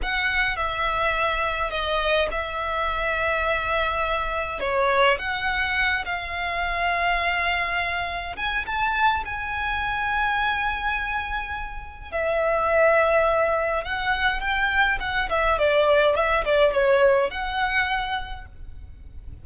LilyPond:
\new Staff \with { instrumentName = "violin" } { \time 4/4 \tempo 4 = 104 fis''4 e''2 dis''4 | e''1 | cis''4 fis''4. f''4.~ | f''2~ f''8 gis''8 a''4 |
gis''1~ | gis''4 e''2. | fis''4 g''4 fis''8 e''8 d''4 | e''8 d''8 cis''4 fis''2 | }